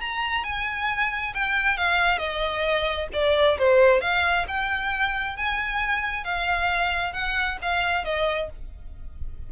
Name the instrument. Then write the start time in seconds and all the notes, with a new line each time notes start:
violin
0.00 A#5
0.44 G#5
1.34 G5
1.77 F5
2.18 D#5
3.13 D5
3.58 C5
4.01 F5
4.48 G5
5.36 G#5
6.24 F5
7.13 F#5
7.61 F5
8.04 D#5